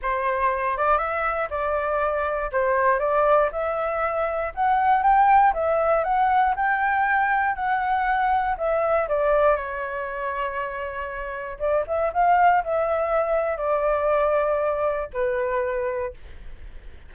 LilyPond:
\new Staff \with { instrumentName = "flute" } { \time 4/4 \tempo 4 = 119 c''4. d''8 e''4 d''4~ | d''4 c''4 d''4 e''4~ | e''4 fis''4 g''4 e''4 | fis''4 g''2 fis''4~ |
fis''4 e''4 d''4 cis''4~ | cis''2. d''8 e''8 | f''4 e''2 d''4~ | d''2 b'2 | }